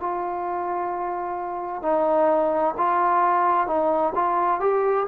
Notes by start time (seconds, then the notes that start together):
0.00 F4
1.83 D#4
2.78 F4
3.67 D#4
4.15 F4
4.61 G4